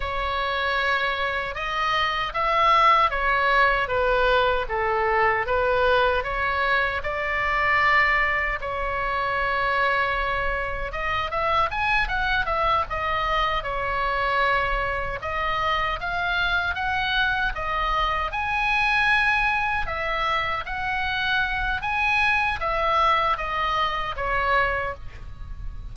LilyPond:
\new Staff \with { instrumentName = "oboe" } { \time 4/4 \tempo 4 = 77 cis''2 dis''4 e''4 | cis''4 b'4 a'4 b'4 | cis''4 d''2 cis''4~ | cis''2 dis''8 e''8 gis''8 fis''8 |
e''8 dis''4 cis''2 dis''8~ | dis''8 f''4 fis''4 dis''4 gis''8~ | gis''4. e''4 fis''4. | gis''4 e''4 dis''4 cis''4 | }